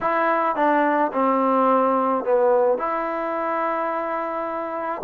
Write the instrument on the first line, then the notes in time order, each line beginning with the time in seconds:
trombone
0.00 E4
0.55 D4
1.12 C4
2.24 B3
2.78 E4